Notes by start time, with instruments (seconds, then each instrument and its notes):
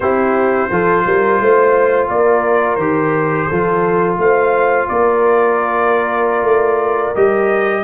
0.00 tuba C4, trombone E4, horn G4, trumpet C5
0.70 tuba F3, trombone F4, horn A4
1.06 tuba G3, horn A#4
1.40 tuba A3, horn C5
2.08 tuba A#3, horn A#4, trumpet D5
2.75 tuba D#3, trombone G4, trumpet C5
3.47 tuba F3, trombone F4, horn A4
4.17 tuba A3, horn C5, trumpet F5
4.88 tuba A#3, horn A#4, trumpet D5
6.42 tuba A3
7.15 tuba G3, trombone G4, trumpet D#5